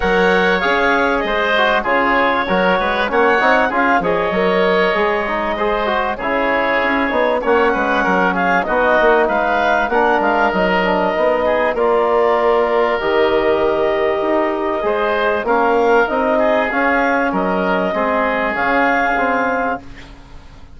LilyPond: <<
  \new Staff \with { instrumentName = "clarinet" } { \time 4/4 \tempo 4 = 97 fis''4 f''4 dis''4 cis''4~ | cis''4 fis''4 f''8 dis''4.~ | dis''2 cis''2 | fis''4. f''8 dis''4 f''4 |
fis''8 f''8 dis''2 d''4~ | d''4 dis''2.~ | dis''4 f''4 dis''4 f''4 | dis''2 f''2 | }
  \new Staff \with { instrumentName = "oboe" } { \time 4/4 cis''2 c''4 gis'4 | ais'8 b'8 cis''4 gis'8 cis''4.~ | cis''4 c''4 gis'2 | cis''8 b'8 ais'8 gis'8 fis'4 b'4 |
ais'2~ ais'8 gis'8 ais'4~ | ais'1 | c''4 ais'4. gis'4. | ais'4 gis'2. | }
  \new Staff \with { instrumentName = "trombone" } { \time 4/4 ais'4 gis'4. fis'8 f'4 | fis'4 cis'8 dis'8 f'8 gis'8 ais'4 | gis'8 dis'8 gis'8 fis'8 e'4. dis'8 | cis'2 dis'2 |
d'4 dis'8 d'8 dis'4 f'4~ | f'4 g'2. | gis'4 cis'4 dis'4 cis'4~ | cis'4 c'4 cis'4 c'4 | }
  \new Staff \with { instrumentName = "bassoon" } { \time 4/4 fis4 cis'4 gis4 cis4 | fis8 gis8 ais8 c'8 cis'8 f8 fis4 | gis2 cis4 cis'8 b8 | ais8 gis8 fis4 b8 ais8 gis4 |
ais8 gis8 fis4 b4 ais4~ | ais4 dis2 dis'4 | gis4 ais4 c'4 cis'4 | fis4 gis4 cis2 | }
>>